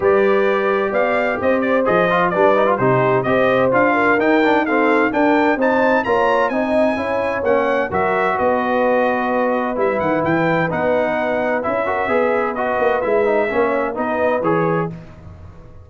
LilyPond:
<<
  \new Staff \with { instrumentName = "trumpet" } { \time 4/4 \tempo 4 = 129 d''2 f''4 dis''8 d''8 | dis''4 d''4 c''4 dis''4 | f''4 g''4 f''4 g''4 | a''4 ais''4 gis''2 |
fis''4 e''4 dis''2~ | dis''4 e''8 fis''8 g''4 fis''4~ | fis''4 e''2 dis''4 | e''2 dis''4 cis''4 | }
  \new Staff \with { instrumentName = "horn" } { \time 4/4 b'2 d''4 c''4~ | c''4 b'4 g'4 c''4~ | c''8 ais'4. a'4 ais'4 | c''4 cis''4 dis''4 cis''4~ |
cis''4 ais'4 b'2~ | b'1~ | b'4. ais'8 b'2~ | b'4 cis''4 b'2 | }
  \new Staff \with { instrumentName = "trombone" } { \time 4/4 g'1 | gis'8 f'8 d'8 dis'16 f'16 dis'4 g'4 | f'4 dis'8 d'8 c'4 d'4 | dis'4 f'4 dis'4 e'4 |
cis'4 fis'2.~ | fis'4 e'2 dis'4~ | dis'4 e'8 fis'8 gis'4 fis'4 | e'8 dis'8 cis'4 dis'4 gis'4 | }
  \new Staff \with { instrumentName = "tuba" } { \time 4/4 g2 b4 c'4 | f4 g4 c4 c'4 | d'4 dis'2 d'4 | c'4 ais4 c'4 cis'4 |
ais4 fis4 b2~ | b4 g8 dis8 e4 b4~ | b4 cis'4 b4. ais8 | gis4 ais4 b4 e4 | }
>>